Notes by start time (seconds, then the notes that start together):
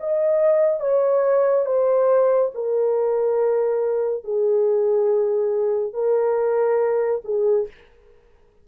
0.00 D#5
0.80 C#5
1.65 C5
2.54 A#4
4.24 G#4
5.93 A#4
7.24 G#4